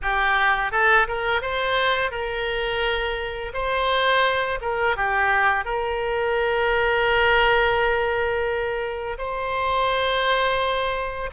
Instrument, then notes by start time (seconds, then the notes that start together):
oboe
0.02 G4
0.71 A4
1.07 A#4
1.41 C5
2.11 A#4
3.53 C5
4.61 A#4
4.96 G4
5.64 A#4
9.18 C5